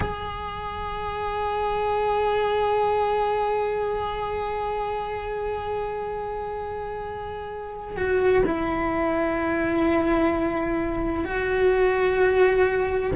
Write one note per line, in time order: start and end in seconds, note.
0.00 7.96 G#4
7.96 8.43 F#4
8.46 11.24 E4
11.24 13.11 F#4